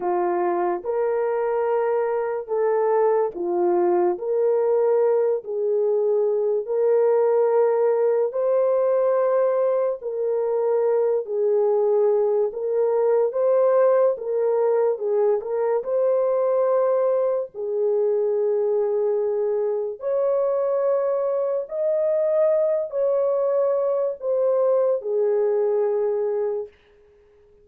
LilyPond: \new Staff \with { instrumentName = "horn" } { \time 4/4 \tempo 4 = 72 f'4 ais'2 a'4 | f'4 ais'4. gis'4. | ais'2 c''2 | ais'4. gis'4. ais'4 |
c''4 ais'4 gis'8 ais'8 c''4~ | c''4 gis'2. | cis''2 dis''4. cis''8~ | cis''4 c''4 gis'2 | }